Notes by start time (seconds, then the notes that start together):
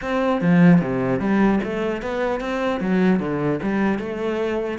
0.01 C4
0.41 F3
0.81 C3
1.19 G3
1.63 A3
2.02 B3
2.40 C4
2.80 F#3
3.19 D3
3.62 G3
3.98 A3